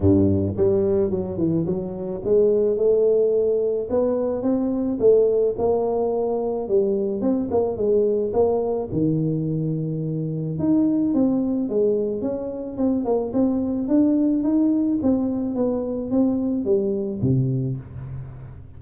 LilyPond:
\new Staff \with { instrumentName = "tuba" } { \time 4/4 \tempo 4 = 108 g,4 g4 fis8 e8 fis4 | gis4 a2 b4 | c'4 a4 ais2 | g4 c'8 ais8 gis4 ais4 |
dis2. dis'4 | c'4 gis4 cis'4 c'8 ais8 | c'4 d'4 dis'4 c'4 | b4 c'4 g4 c4 | }